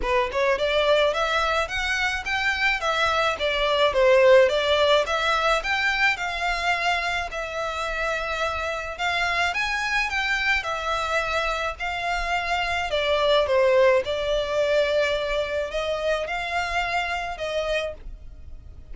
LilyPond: \new Staff \with { instrumentName = "violin" } { \time 4/4 \tempo 4 = 107 b'8 cis''8 d''4 e''4 fis''4 | g''4 e''4 d''4 c''4 | d''4 e''4 g''4 f''4~ | f''4 e''2. |
f''4 gis''4 g''4 e''4~ | e''4 f''2 d''4 | c''4 d''2. | dis''4 f''2 dis''4 | }